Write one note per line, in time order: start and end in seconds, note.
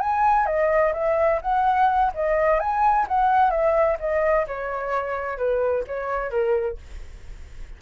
0.00 0.46 G#5
0.46 0.93 D#5
0.93 1.40 E5
1.41 2.12 F#5
2.14 2.59 D#5
2.59 3.06 G#5
3.08 3.50 F#5
3.50 3.97 E5
3.99 4.46 D#5
4.47 5.37 C#5
5.37 5.84 B4
5.87 6.30 C#5
6.30 6.77 A#4